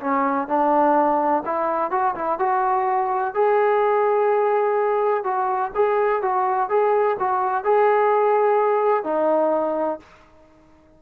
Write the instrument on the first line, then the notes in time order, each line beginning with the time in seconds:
trombone
0.00 C#4
0.48 D4
1.45 E4
1.91 F#4
2.15 E4
2.39 F#4
3.34 G#4
5.24 F#4
5.75 G#4
6.22 F#4
6.70 G#4
7.20 F#4
7.65 G#4
9.04 D#4